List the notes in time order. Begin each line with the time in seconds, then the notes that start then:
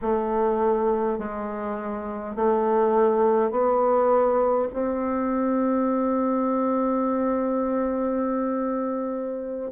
0.01 A3
1.18 G#3
2.35 A3
3.50 B3
4.72 C4